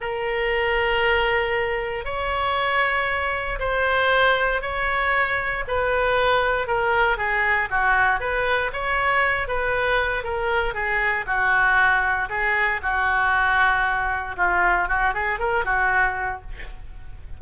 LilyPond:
\new Staff \with { instrumentName = "oboe" } { \time 4/4 \tempo 4 = 117 ais'1 | cis''2. c''4~ | c''4 cis''2 b'4~ | b'4 ais'4 gis'4 fis'4 |
b'4 cis''4. b'4. | ais'4 gis'4 fis'2 | gis'4 fis'2. | f'4 fis'8 gis'8 ais'8 fis'4. | }